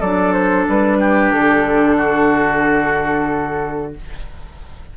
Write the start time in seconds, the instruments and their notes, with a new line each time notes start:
0.00 bassoon F#3, clarinet D4, oboe A4, flute D5
0.33 flute C5
0.68 bassoon G3, flute B4
1.00 oboe G4
1.32 bassoon D3, flute A4
1.97 oboe F#4